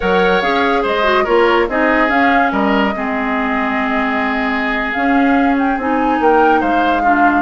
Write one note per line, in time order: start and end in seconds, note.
0.00 0.42 F#3
0.00 0.42 A#4
0.00 0.82 C#5
0.00 0.41 F#5
0.41 0.84 C#4
0.41 1.03 G#4
0.41 0.83 F5
0.82 1.26 G#3
0.82 1.24 C5
0.82 1.25 D#5
1.03 1.24 F#4
1.24 1.68 A#3
1.24 1.68 F4
1.24 1.66 A#4
1.24 1.67 C#5
1.68 2.10 C4
1.68 2.08 D#4
1.68 2.52 G#4
1.68 2.10 D#5
2.08 2.91 C#4
2.08 2.51 C#4
2.08 2.52 F5
2.51 2.93 G3
2.51 2.94 A#4
2.51 4.92 D#5
2.96 4.95 G#3
2.96 4.94 C4
2.96 6.21 G#4
4.92 5.78 C#4
4.92 5.77 C#4
4.92 5.55 F5
5.58 5.79 G5
5.77 6.19 C4
5.77 7.04 D#4
5.77 6.22 G#5
6.19 6.61 A#3
6.19 6.60 A#4
6.19 6.61 G5
6.60 7.42 G#3
6.60 7.02 C5
6.60 7.42 F5
7.02 7.42 D4
7.02 7.42 F4